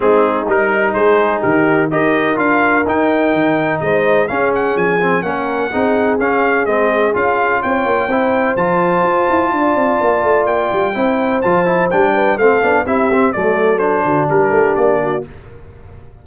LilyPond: <<
  \new Staff \with { instrumentName = "trumpet" } { \time 4/4 \tempo 4 = 126 gis'4 ais'4 c''4 ais'4 | dis''4 f''4 g''2 | dis''4 f''8 fis''8 gis''4 fis''4~ | fis''4 f''4 dis''4 f''4 |
g''2 a''2~ | a''2 g''2 | a''4 g''4 f''4 e''4 | d''4 c''4 ais'4 d''4 | }
  \new Staff \with { instrumentName = "horn" } { \time 4/4 dis'2 gis'4 g'4 | ais'1 | c''4 gis'2 ais'4 | gis'1 |
cis''4 c''2. | d''2. c''4~ | c''4. b'8 a'4 g'4 | a'4. fis'8 g'4. fis'8 | }
  \new Staff \with { instrumentName = "trombone" } { \time 4/4 c'4 dis'2. | g'4 f'4 dis'2~ | dis'4 cis'4. c'8 cis'4 | dis'4 cis'4 c'4 f'4~ |
f'4 e'4 f'2~ | f'2. e'4 | f'8 e'8 d'4 c'8 d'8 e'8 c'8 | a4 d'2. | }
  \new Staff \with { instrumentName = "tuba" } { \time 4/4 gis4 g4 gis4 dis4 | dis'4 d'4 dis'4 dis4 | gis4 cis'4 f4 ais4 | c'4 cis'4 gis4 cis'4 |
c'8 ais8 c'4 f4 f'8 e'8 | d'8 c'8 ais8 a8 ais8 g8 c'4 | f4 g4 a8 b8 c'4 | fis4. d8 g8 a8 ais4 | }
>>